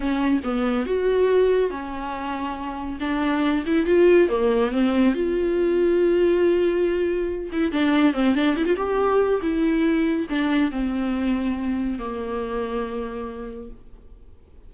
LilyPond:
\new Staff \with { instrumentName = "viola" } { \time 4/4 \tempo 4 = 140 cis'4 b4 fis'2 | cis'2. d'4~ | d'8 e'8 f'4 ais4 c'4 | f'1~ |
f'4. e'8 d'4 c'8 d'8 | e'16 f'16 g'4. e'2 | d'4 c'2. | ais1 | }